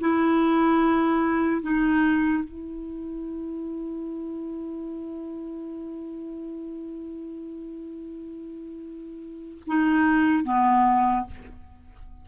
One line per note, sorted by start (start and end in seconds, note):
0.00 1.61 E4
1.61 2.43 D#4
2.43 9.62 E4
9.67 10.44 D#4
10.44 11.26 B3